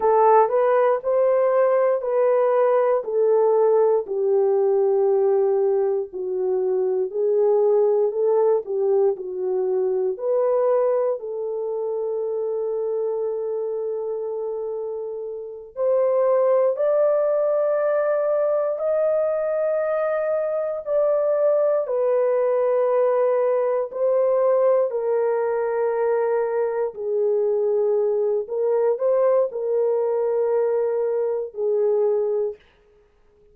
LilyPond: \new Staff \with { instrumentName = "horn" } { \time 4/4 \tempo 4 = 59 a'8 b'8 c''4 b'4 a'4 | g'2 fis'4 gis'4 | a'8 g'8 fis'4 b'4 a'4~ | a'2.~ a'8 c''8~ |
c''8 d''2 dis''4.~ | dis''8 d''4 b'2 c''8~ | c''8 ais'2 gis'4. | ais'8 c''8 ais'2 gis'4 | }